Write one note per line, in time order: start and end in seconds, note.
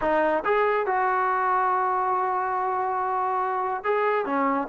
0.01 0.43 D#4
0.44 0.86 G#4
0.86 3.84 F#4
3.84 4.25 G#4
4.25 4.68 C#4